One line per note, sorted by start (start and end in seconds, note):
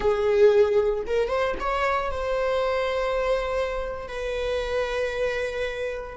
0.00 1.04 G#4
1.06 1.28 A#4
1.28 1.55 C5
1.60 2.11 C#5
2.11 4.08 C5
4.08 6.17 B4